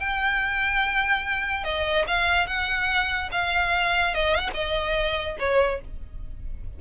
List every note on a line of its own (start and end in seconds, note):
0.00 1.64 G5
1.64 2.05 D#5
2.07 2.47 F5
2.47 3.30 F#5
3.32 4.14 F5
4.14 4.35 D#5
4.35 4.39 F5
4.35 4.50 F#5
4.54 5.37 D#5
5.39 5.81 C#5